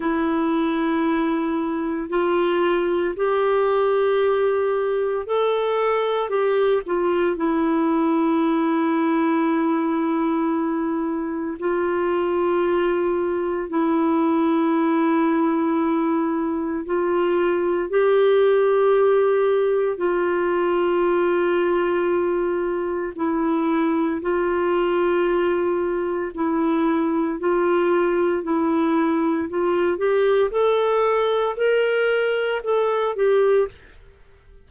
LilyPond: \new Staff \with { instrumentName = "clarinet" } { \time 4/4 \tempo 4 = 57 e'2 f'4 g'4~ | g'4 a'4 g'8 f'8 e'4~ | e'2. f'4~ | f'4 e'2. |
f'4 g'2 f'4~ | f'2 e'4 f'4~ | f'4 e'4 f'4 e'4 | f'8 g'8 a'4 ais'4 a'8 g'8 | }